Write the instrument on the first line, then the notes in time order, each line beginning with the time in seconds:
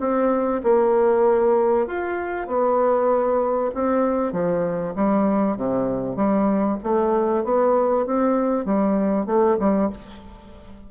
bassoon
0.00 C4
0.64 A#3
1.87 F4
2.47 B3
3.75 C4
4.32 F3
4.95 G3
5.57 C3
6.16 G3
6.84 A3
7.44 B3
8.06 C4
8.65 G3
9.26 A3
9.59 G3